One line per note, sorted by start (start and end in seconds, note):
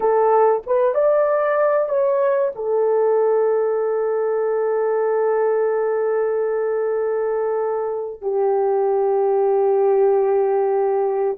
0.00 0.62 A4
0.66 0.94 B4
0.94 1.89 D5
1.89 2.52 C#5
2.55 8.21 A4
8.21 11.37 G4